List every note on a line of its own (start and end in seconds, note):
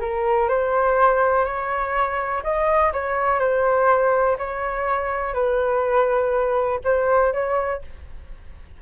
0.00 0.48 A#4
0.48 1.45 C5
1.45 2.42 C#5
2.43 2.92 D#5
2.93 3.39 C#5
3.39 4.37 C5
4.38 5.33 C#5
5.33 6.80 B4
6.84 7.33 C5
7.33 7.81 C#5